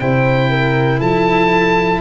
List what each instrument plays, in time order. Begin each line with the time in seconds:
0.00 tuba C3, cello E4, horn C5, oboe G5
0.50 horn A#4
0.99 tuba F3, horn A4, oboe A5